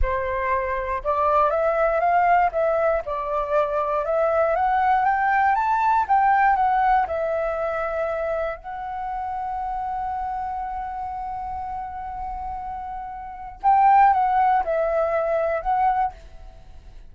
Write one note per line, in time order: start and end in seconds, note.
0.01 1.02 C5
1.04 1.50 D5
1.50 2.00 E5
2.00 2.50 F5
2.51 3.02 E5
3.05 4.05 D5
4.05 4.55 E5
4.55 5.05 F#5
5.05 5.55 G5
5.55 6.05 A5
6.08 6.55 G5
6.55 7.06 F#5
7.07 8.56 E5
8.56 13.60 F#5
13.62 14.13 G5
14.13 14.63 F#5
14.64 15.61 E5
15.61 16.12 F#5